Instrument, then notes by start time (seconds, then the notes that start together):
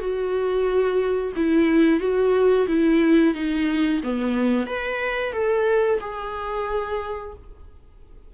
viola
0.00 F#4
1.37 E4
2.01 F#4
2.68 E4
3.35 D#4
4.04 B3
4.67 B4
5.33 A4
6.01 G#4